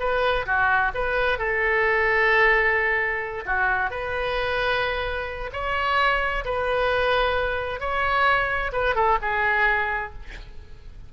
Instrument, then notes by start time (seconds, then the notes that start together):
oboe
0.00 B4
0.46 F#4
0.95 B4
1.39 A4
3.46 F#4
3.91 B4
5.53 C#5
6.45 B4
7.80 C#5
8.73 B4
8.95 A4
9.22 G#4